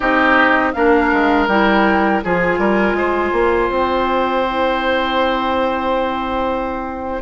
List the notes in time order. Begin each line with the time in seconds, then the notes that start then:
0.00 C4 D#4 G4 D#5
0.73 A#3 D4 A#4 F5
1.12 G#3
1.47 G3 E4 G5
2.23 F3 F4 G#4 G#5
2.58 G3 A#4
2.93 G#3 C5
3.32 A#3
3.69 C4 G5
4.46 E4